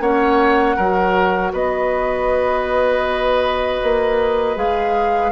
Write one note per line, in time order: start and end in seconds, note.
0.00 0.76 A#3
0.00 0.77 C#4
0.00 0.76 C#5
0.00 1.53 F#5
0.76 1.53 F#3
0.76 4.56 F#4
0.76 1.52 A#4
1.53 3.81 B3
1.53 5.32 B4
1.53 4.58 D#5
3.83 4.56 A#3
4.56 5.32 G#3
4.56 5.32 G#4
4.56 5.32 F5